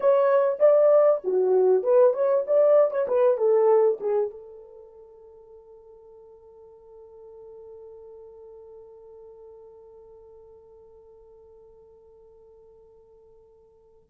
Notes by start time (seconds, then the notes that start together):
0.00 C#5
0.59 D5
1.24 F#4
1.83 B4
2.13 C#5
2.46 D5
2.90 C#5
3.07 B4
3.37 A4
4.00 G#4
4.30 A4